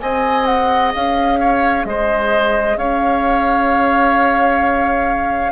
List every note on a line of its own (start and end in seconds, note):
0.00 0.94 C4
0.00 5.52 G#4
0.00 1.39 D#5
0.00 0.45 G#5
0.45 0.92 F#5
0.94 1.85 C#4
0.94 1.85 F5
1.39 1.85 C#5
1.85 2.76 G#3
1.85 2.77 C5
1.85 2.77 D#5
2.76 5.52 C#4
2.76 5.52 C#5
2.76 5.52 F5